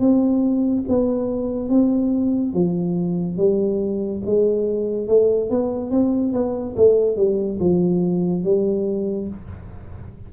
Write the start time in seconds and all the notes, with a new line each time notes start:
0.00 C4
0.89 B3
1.70 C4
2.54 F3
3.38 G3
4.26 G#3
5.08 A3
5.51 B3
5.91 C4
6.33 B3
6.77 A3
7.17 G3
7.60 F3
8.44 G3